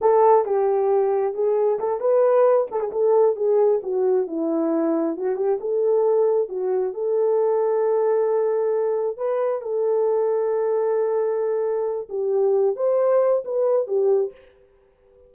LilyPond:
\new Staff \with { instrumentName = "horn" } { \time 4/4 \tempo 4 = 134 a'4 g'2 gis'4 | a'8 b'4. a'16 gis'16 a'4 gis'8~ | gis'8 fis'4 e'2 fis'8 | g'8 a'2 fis'4 a'8~ |
a'1~ | a'8 b'4 a'2~ a'8~ | a'2. g'4~ | g'8 c''4. b'4 g'4 | }